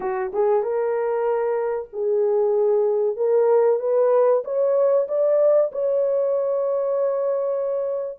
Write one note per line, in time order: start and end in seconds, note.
0.00 0.32 F#4
0.33 0.62 G#4
0.62 1.89 A#4
1.93 3.16 G#4
3.16 3.79 A#4
3.79 4.42 B4
4.44 5.07 C#5
5.08 5.71 D5
5.72 8.18 C#5